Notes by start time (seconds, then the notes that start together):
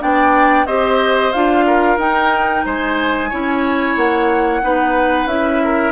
0.00 B3 D4 D5 G5
0.66 C4 G4 C5 D#5
1.32 D4 F4 F5
1.66 A#4
1.97 D#4 G5
2.65 G#3 C5 G#5
3.29 C#4 E4 C#5
3.96 A#3 F#5
4.62 B3 D#4 B4
5.26 C#4 E4 E5
5.64 A#4